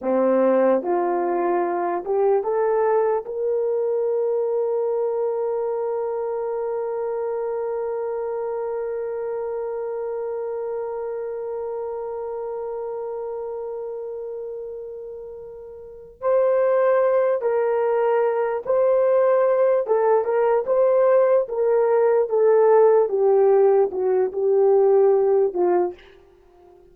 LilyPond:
\new Staff \with { instrumentName = "horn" } { \time 4/4 \tempo 4 = 74 c'4 f'4. g'8 a'4 | ais'1~ | ais'1~ | ais'1~ |
ais'1 | c''4. ais'4. c''4~ | c''8 a'8 ais'8 c''4 ais'4 a'8~ | a'8 g'4 fis'8 g'4. f'8 | }